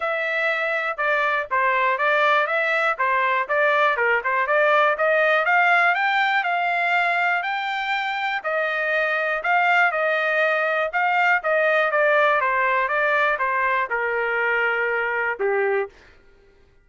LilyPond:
\new Staff \with { instrumentName = "trumpet" } { \time 4/4 \tempo 4 = 121 e''2 d''4 c''4 | d''4 e''4 c''4 d''4 | ais'8 c''8 d''4 dis''4 f''4 | g''4 f''2 g''4~ |
g''4 dis''2 f''4 | dis''2 f''4 dis''4 | d''4 c''4 d''4 c''4 | ais'2. g'4 | }